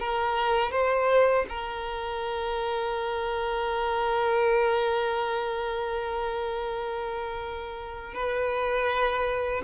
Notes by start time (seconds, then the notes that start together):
0.00 A#4
0.72 C5
1.49 A#4
8.14 B4